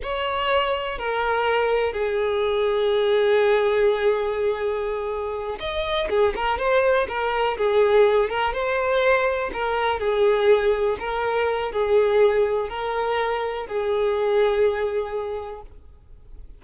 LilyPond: \new Staff \with { instrumentName = "violin" } { \time 4/4 \tempo 4 = 123 cis''2 ais'2 | gis'1~ | gis'2.~ gis'8 dis''8~ | dis''8 gis'8 ais'8 c''4 ais'4 gis'8~ |
gis'4 ais'8 c''2 ais'8~ | ais'8 gis'2 ais'4. | gis'2 ais'2 | gis'1 | }